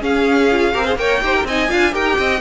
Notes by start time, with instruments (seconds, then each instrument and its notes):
0.00 viola C#4, cello C#4, violin G#4 F5
0.51 viola F4
0.73 cello C4, viola G4, violin A#4
0.85 viola G#4, violin C5
0.96 cello A#3, viola A#4, violin C#5 G5
1.21 cello D#4, viola G4, violin C5
1.35 violin A#4
1.44 cello C4, viola D#4, violin D#5 G#5
1.69 cello D4, viola F4, violin F5
1.92 cello D#4, viola G4, violin A#4 G5
2.18 cello C4, violin D#5